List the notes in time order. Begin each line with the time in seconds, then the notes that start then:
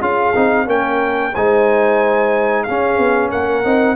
0.00 C#4 F4 G#4 F5
0.35 C4 D#4
0.66 A#3 C#4 A#4 G5
1.34 G#3 D#4 C5 G#5
2.63 C#4 G#4 F5
2.98 B3
3.30 A#3 A#4 F#5
3.63 C4 D#4